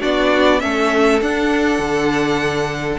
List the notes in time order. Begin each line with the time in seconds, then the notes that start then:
0.00 B3 D4 F#4 D5
0.60 A3 C#4 A4 E5
1.21 D4 F#5
1.79 D3